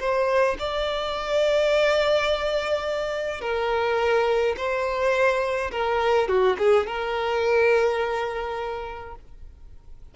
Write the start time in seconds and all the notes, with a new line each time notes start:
0.00 C5
0.59 D5
3.41 A#4
4.57 C5
5.71 A#4
6.28 F#4
6.58 G#4
6.86 A#4